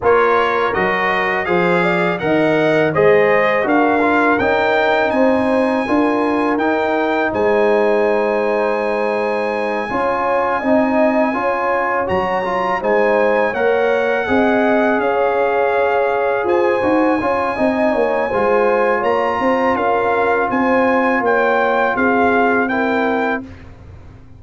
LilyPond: <<
  \new Staff \with { instrumentName = "trumpet" } { \time 4/4 \tempo 4 = 82 cis''4 dis''4 f''4 fis''4 | dis''4 f''4 g''4 gis''4~ | gis''4 g''4 gis''2~ | gis''1~ |
gis''8 ais''4 gis''4 fis''4.~ | fis''8 f''2 gis''4.~ | gis''2 ais''4 f''4 | gis''4 g''4 f''4 g''4 | }
  \new Staff \with { instrumentName = "horn" } { \time 4/4 ais'2 c''8 d''8 dis''4 | c''4 ais'2 c''4 | ais'2 c''2~ | c''4. cis''4 dis''4 cis''8~ |
cis''4. c''4 cis''4 dis''8~ | dis''8 cis''2 c''4 cis''8 | dis''8 cis''8 c''4 cis''8 c''8 ais'4 | c''4 cis''4 gis'4 ais'4 | }
  \new Staff \with { instrumentName = "trombone" } { \time 4/4 f'4 fis'4 gis'4 ais'4 | gis'4 fis'8 f'8 dis'2 | f'4 dis'2.~ | dis'4. f'4 dis'4 f'8~ |
f'8 fis'8 f'8 dis'4 ais'4 gis'8~ | gis'2. fis'8 f'8 | dis'4 f'2.~ | f'2. e'4 | }
  \new Staff \with { instrumentName = "tuba" } { \time 4/4 ais4 fis4 f4 dis4 | gis4 d'4 cis'4 c'4 | d'4 dis'4 gis2~ | gis4. cis'4 c'4 cis'8~ |
cis'8 fis4 gis4 ais4 c'8~ | c'8 cis'2 f'8 dis'8 cis'8 | c'8 ais8 gis4 ais8 c'8 cis'4 | c'4 ais4 c'2 | }
>>